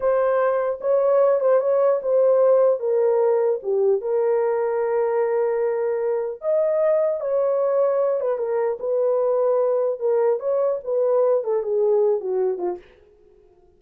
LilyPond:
\new Staff \with { instrumentName = "horn" } { \time 4/4 \tempo 4 = 150 c''2 cis''4. c''8 | cis''4 c''2 ais'4~ | ais'4 g'4 ais'2~ | ais'1 |
dis''2 cis''2~ | cis''8 b'8 ais'4 b'2~ | b'4 ais'4 cis''4 b'4~ | b'8 a'8 gis'4. fis'4 f'8 | }